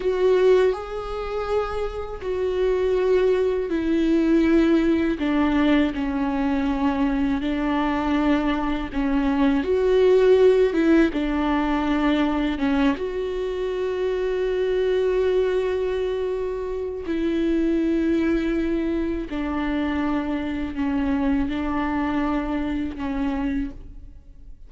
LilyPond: \new Staff \with { instrumentName = "viola" } { \time 4/4 \tempo 4 = 81 fis'4 gis'2 fis'4~ | fis'4 e'2 d'4 | cis'2 d'2 | cis'4 fis'4. e'8 d'4~ |
d'4 cis'8 fis'2~ fis'8~ | fis'2. e'4~ | e'2 d'2 | cis'4 d'2 cis'4 | }